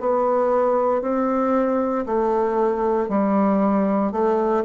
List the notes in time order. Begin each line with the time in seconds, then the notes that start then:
0.00 B3
1.02 C4
2.06 A3
3.09 G3
4.12 A3